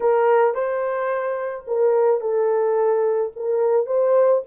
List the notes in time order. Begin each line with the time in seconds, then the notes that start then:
0.00 A#4
0.54 C5
1.67 A#4
2.20 A4
3.36 A#4
3.86 C5